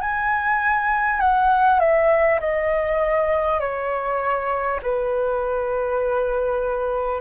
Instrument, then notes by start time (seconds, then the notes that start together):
flute
0.00 G#5
1.20 F#5
1.79 E5
2.39 D#5
3.60 C#5
4.82 B4